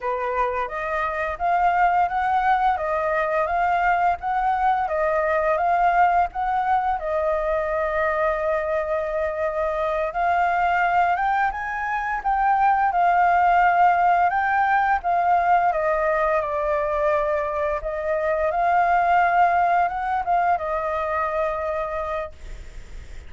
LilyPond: \new Staff \with { instrumentName = "flute" } { \time 4/4 \tempo 4 = 86 b'4 dis''4 f''4 fis''4 | dis''4 f''4 fis''4 dis''4 | f''4 fis''4 dis''2~ | dis''2~ dis''8 f''4. |
g''8 gis''4 g''4 f''4.~ | f''8 g''4 f''4 dis''4 d''8~ | d''4. dis''4 f''4.~ | f''8 fis''8 f''8 dis''2~ dis''8 | }